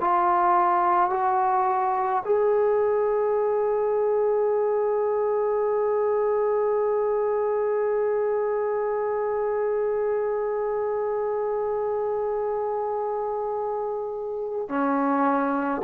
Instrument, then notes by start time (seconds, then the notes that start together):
trombone
0.00 F4
1.10 F#4
2.25 G#4
14.68 C#4